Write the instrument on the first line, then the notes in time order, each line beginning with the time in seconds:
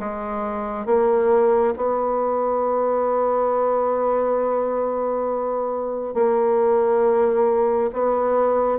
bassoon
0.00 G#3
0.86 A#3
1.76 B3
6.14 A#3
7.93 B3